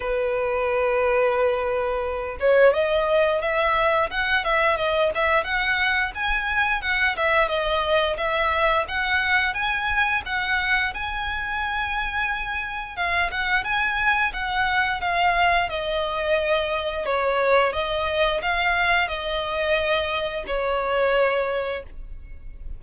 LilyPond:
\new Staff \with { instrumentName = "violin" } { \time 4/4 \tempo 4 = 88 b'2.~ b'8 cis''8 | dis''4 e''4 fis''8 e''8 dis''8 e''8 | fis''4 gis''4 fis''8 e''8 dis''4 | e''4 fis''4 gis''4 fis''4 |
gis''2. f''8 fis''8 | gis''4 fis''4 f''4 dis''4~ | dis''4 cis''4 dis''4 f''4 | dis''2 cis''2 | }